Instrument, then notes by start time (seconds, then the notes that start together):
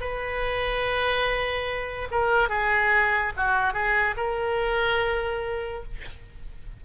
oboe
0.00 B4
2.11 A#4
2.49 G#4
3.36 F#4
3.73 G#4
4.17 A#4